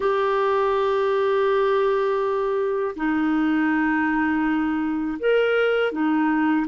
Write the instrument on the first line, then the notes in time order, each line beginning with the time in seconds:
clarinet
0.00 G4
2.96 D#4
5.19 A#4
5.92 D#4